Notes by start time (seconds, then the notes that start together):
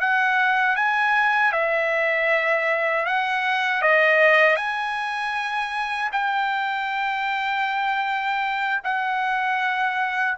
0.00 F#5
0.76 G#5
1.52 E5
3.06 F#5
3.82 D#5
4.56 G#5
6.12 G5
8.84 F#5